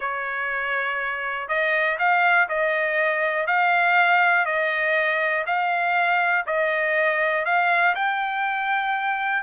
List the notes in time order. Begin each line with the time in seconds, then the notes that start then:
0.00 C#5
1.48 D#5
1.98 F5
2.48 D#5
3.47 F5
4.45 D#5
5.46 F5
6.46 D#5
7.45 F5
7.95 G5